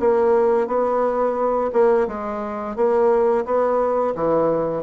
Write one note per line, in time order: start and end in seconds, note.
0.00 0.68 A#3
0.68 1.71 B3
1.73 2.08 A#3
2.08 2.76 G#3
2.76 3.45 A#3
3.46 4.15 B3
4.15 4.84 E3